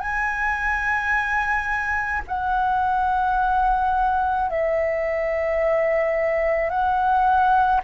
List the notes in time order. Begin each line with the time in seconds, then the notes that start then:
0.00 G#5
2.28 F#5
4.50 E5
6.70 F#5